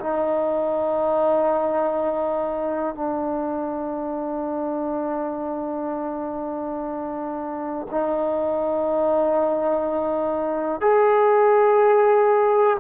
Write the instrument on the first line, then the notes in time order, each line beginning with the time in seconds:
trombone
0.00 D#4
2.95 D4
7.90 D#4
10.81 G#4